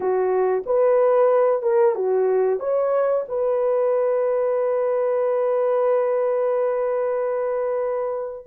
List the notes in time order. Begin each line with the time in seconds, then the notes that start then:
0.00 F#4
0.66 B4
1.62 A#4
1.95 F#4
2.59 C#5
3.28 B4